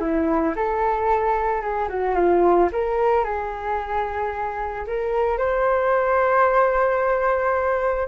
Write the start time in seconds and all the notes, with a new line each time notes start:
0.00 E4
0.56 A4
1.61 G#4
1.88 F#4
2.15 F4
2.72 A#4
3.24 G#4
4.87 A#4
5.38 C5